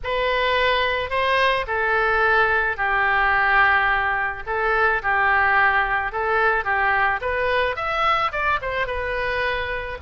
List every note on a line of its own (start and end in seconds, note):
0.03 1.10 B4
1.10 1.65 C5
1.67 2.76 A4
2.76 4.43 G4
4.46 5.02 A4
5.02 6.11 G4
6.11 6.64 A4
6.64 7.20 G4
7.21 7.76 B4
7.76 8.31 E5
8.32 8.59 D5
8.61 8.87 C5
8.87 9.98 B4